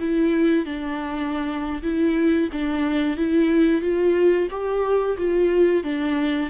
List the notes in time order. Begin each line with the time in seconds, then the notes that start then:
0.00 E4
0.66 D4
1.83 E4
2.52 D4
3.17 E4
3.82 F4
4.51 G4
5.18 F4
5.84 D4